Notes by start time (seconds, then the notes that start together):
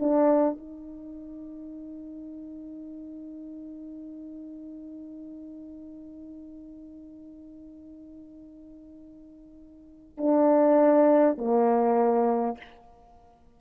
0.00 D4
0.58 D#4
10.18 D4
11.38 A#3